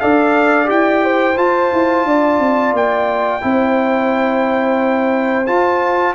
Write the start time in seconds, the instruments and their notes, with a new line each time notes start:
0.00 tuba D4, trombone A4, horn D5, trumpet F5
0.65 tuba E4, trombone G4, trumpet G5
1.04 horn C5
1.37 trombone F4, tuba F4, trumpet A5
1.72 tuba E4
2.05 tuba D4, horn D5
2.39 tuba C4
2.73 tuba A#3, trumpet G5
3.41 tuba C4, trombone E4, horn C5
5.46 trombone F4, tuba F4, trumpet A5